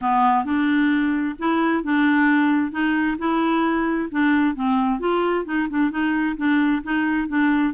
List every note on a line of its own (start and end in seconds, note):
0.01 0.44 B3
0.44 1.35 D4
1.38 1.83 E4
1.83 2.71 D4
2.71 3.17 D#4
3.18 4.09 E4
4.11 4.55 D4
4.55 4.99 C4
4.99 5.45 F4
5.45 5.68 D#4
5.69 5.90 D4
5.90 6.36 D#4
6.37 6.82 D4
6.83 7.27 D#4
7.27 7.73 D4